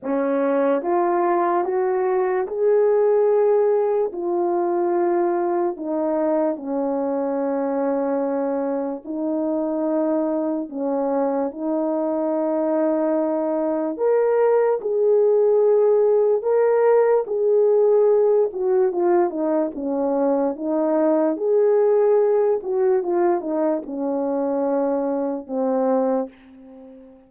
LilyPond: \new Staff \with { instrumentName = "horn" } { \time 4/4 \tempo 4 = 73 cis'4 f'4 fis'4 gis'4~ | gis'4 f'2 dis'4 | cis'2. dis'4~ | dis'4 cis'4 dis'2~ |
dis'4 ais'4 gis'2 | ais'4 gis'4. fis'8 f'8 dis'8 | cis'4 dis'4 gis'4. fis'8 | f'8 dis'8 cis'2 c'4 | }